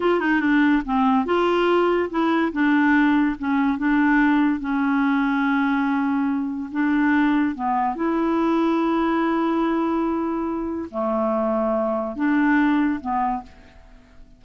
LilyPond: \new Staff \with { instrumentName = "clarinet" } { \time 4/4 \tempo 4 = 143 f'8 dis'8 d'4 c'4 f'4~ | f'4 e'4 d'2 | cis'4 d'2 cis'4~ | cis'1 |
d'2 b4 e'4~ | e'1~ | e'2 a2~ | a4 d'2 b4 | }